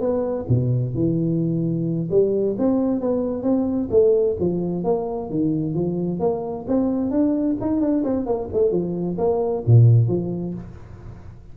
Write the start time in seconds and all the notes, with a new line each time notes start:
0.00 B3
0.49 B2
0.95 E3
2.11 G3
2.58 C4
3.00 B3
3.43 C4
3.91 A3
4.40 F3
4.84 A#3
5.30 D#3
5.74 F3
6.20 A#3
6.67 C4
7.11 D4
7.61 D#4
7.81 D4
8.04 C4
8.26 A#3
8.53 A3
8.71 F3
9.18 A#3
9.67 A#2
10.08 F3